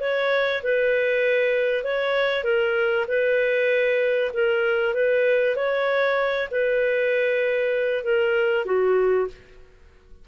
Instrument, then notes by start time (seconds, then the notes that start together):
clarinet
0.00 C#5
0.63 B4
1.84 C#5
2.43 A#4
3.07 B4
4.33 A#4
4.94 B4
5.55 C#5
6.51 B4
8.04 A#4
8.65 F#4